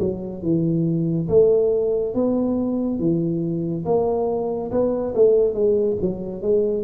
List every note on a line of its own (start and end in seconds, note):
0.00 0.43 F#3
0.43 1.29 E3
1.29 2.15 A3
2.15 3.00 B3
3.00 3.85 E3
3.85 4.71 A#3
4.71 5.14 B3
5.15 5.54 A3
5.54 5.97 G#3
6.02 6.42 F#3
6.42 6.84 G#3